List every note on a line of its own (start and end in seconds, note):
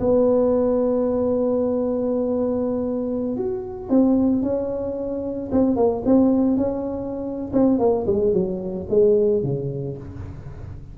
0.00 3.37 B3
3.37 3.89 F#4
3.89 4.43 C4
4.43 5.51 C#4
5.52 5.76 C4
5.76 6.03 A#3
6.05 6.57 C4
6.57 7.52 C#4
7.53 7.79 C4
7.79 8.06 A#3
8.07 8.33 G#3
8.33 8.87 F#3
8.89 9.43 G#3
9.43 9.97 C#3